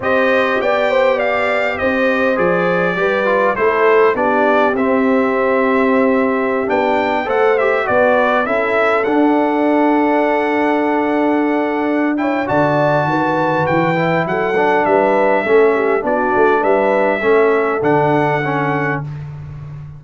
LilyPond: <<
  \new Staff \with { instrumentName = "trumpet" } { \time 4/4 \tempo 4 = 101 dis''4 g''4 f''4 dis''4 | d''2 c''4 d''4 | e''2.~ e''16 g''8.~ | g''16 fis''8 e''8 d''4 e''4 fis''8.~ |
fis''1~ | fis''8 g''8 a''2 g''4 | fis''4 e''2 d''4 | e''2 fis''2 | }
  \new Staff \with { instrumentName = "horn" } { \time 4/4 c''4 d''8 c''8 d''4 c''4~ | c''4 b'4 a'4 g'4~ | g'1~ | g'16 c''4 b'4 a'4.~ a'16~ |
a'1~ | a'8 cis''8 d''4 b'2 | a'4 b'4 a'8 g'8 fis'4 | b'4 a'2. | }
  \new Staff \with { instrumentName = "trombone" } { \time 4/4 g'1 | gis'4 g'8 f'8 e'4 d'4 | c'2.~ c'16 d'8.~ | d'16 a'8 g'8 fis'4 e'4 d'8.~ |
d'1~ | d'8 e'8 fis'2~ fis'8 e'8~ | e'8 d'4. cis'4 d'4~ | d'4 cis'4 d'4 cis'4 | }
  \new Staff \with { instrumentName = "tuba" } { \time 4/4 c'4 b2 c'4 | f4 g4 a4 b4 | c'2.~ c'16 b8.~ | b16 a4 b4 cis'4 d'8.~ |
d'1~ | d'4 d4 dis4 e4 | fis4 g4 a4 b8 a8 | g4 a4 d2 | }
>>